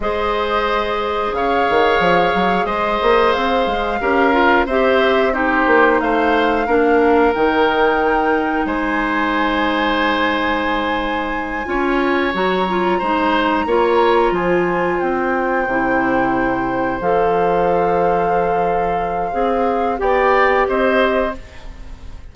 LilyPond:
<<
  \new Staff \with { instrumentName = "flute" } { \time 4/4 \tempo 4 = 90 dis''2 f''2 | dis''4 f''2 e''4 | c''4 f''2 g''4~ | g''4 gis''2.~ |
gis''2~ gis''8 ais''4.~ | ais''4. gis''4 g''4.~ | g''4. f''2~ f''8~ | f''2 g''4 dis''4 | }
  \new Staff \with { instrumentName = "oboe" } { \time 4/4 c''2 cis''2 | c''2 ais'4 c''4 | g'4 c''4 ais'2~ | ais'4 c''2.~ |
c''4. cis''2 c''8~ | c''8 cis''4 c''2~ c''8~ | c''1~ | c''2 d''4 c''4 | }
  \new Staff \with { instrumentName = "clarinet" } { \time 4/4 gis'1~ | gis'2 g'8 f'8 g'4 | dis'2 d'4 dis'4~ | dis'1~ |
dis'4. f'4 fis'8 f'8 dis'8~ | dis'8 f'2. e'8~ | e'4. a'2~ a'8~ | a'4 gis'4 g'2 | }
  \new Staff \with { instrumentName = "bassoon" } { \time 4/4 gis2 cis8 dis8 f8 fis8 | gis8 ais8 c'8 gis8 cis'4 c'4~ | c'8 ais8 a4 ais4 dis4~ | dis4 gis2.~ |
gis4. cis'4 fis4 gis8~ | gis8 ais4 f4 c'4 c8~ | c4. f2~ f8~ | f4 c'4 b4 c'4 | }
>>